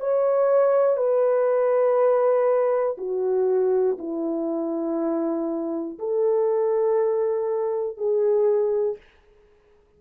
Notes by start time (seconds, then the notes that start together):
0.00 C#5
0.97 B4
2.98 F#4
3.99 E4
5.99 A4
7.98 G#4